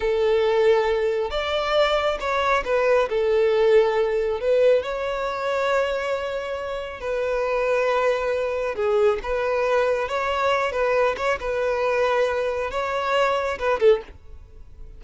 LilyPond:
\new Staff \with { instrumentName = "violin" } { \time 4/4 \tempo 4 = 137 a'2. d''4~ | d''4 cis''4 b'4 a'4~ | a'2 b'4 cis''4~ | cis''1 |
b'1 | gis'4 b'2 cis''4~ | cis''8 b'4 cis''8 b'2~ | b'4 cis''2 b'8 a'8 | }